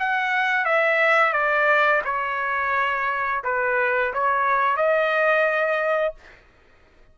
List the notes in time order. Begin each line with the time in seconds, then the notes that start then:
0.00 F#5
0.65 E5
1.33 D5
2.05 C#5
3.45 B4
4.14 C#5
4.77 D#5